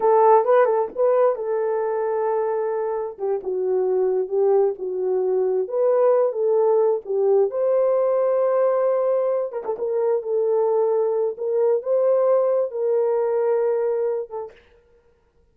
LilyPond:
\new Staff \with { instrumentName = "horn" } { \time 4/4 \tempo 4 = 132 a'4 b'8 a'8 b'4 a'4~ | a'2. g'8 fis'8~ | fis'4. g'4 fis'4.~ | fis'8 b'4. a'4. g'8~ |
g'8 c''2.~ c''8~ | c''4 ais'16 a'16 ais'4 a'4.~ | a'4 ais'4 c''2 | ais'2.~ ais'8 a'8 | }